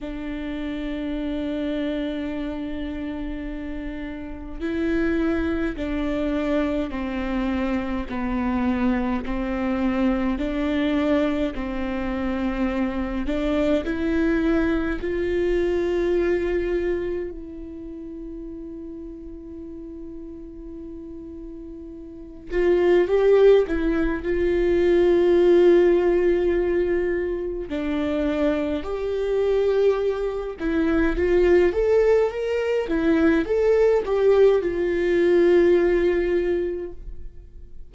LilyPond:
\new Staff \with { instrumentName = "viola" } { \time 4/4 \tempo 4 = 52 d'1 | e'4 d'4 c'4 b4 | c'4 d'4 c'4. d'8 | e'4 f'2 e'4~ |
e'2.~ e'8 f'8 | g'8 e'8 f'2. | d'4 g'4. e'8 f'8 a'8 | ais'8 e'8 a'8 g'8 f'2 | }